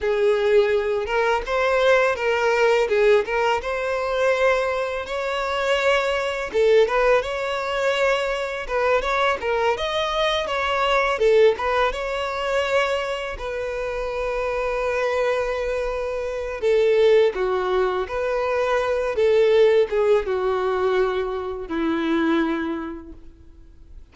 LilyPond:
\new Staff \with { instrumentName = "violin" } { \time 4/4 \tempo 4 = 83 gis'4. ais'8 c''4 ais'4 | gis'8 ais'8 c''2 cis''4~ | cis''4 a'8 b'8 cis''2 | b'8 cis''8 ais'8 dis''4 cis''4 a'8 |
b'8 cis''2 b'4.~ | b'2. a'4 | fis'4 b'4. a'4 gis'8 | fis'2 e'2 | }